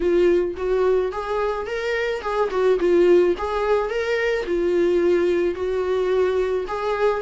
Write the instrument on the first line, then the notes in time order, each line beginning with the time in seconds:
viola
0.00 F4
0.56 F#4
1.12 G#4
1.66 A#4
2.21 G#4
2.50 F#4
2.79 F4
3.37 G#4
3.89 A#4
4.46 F4
5.54 F#4
6.67 G#4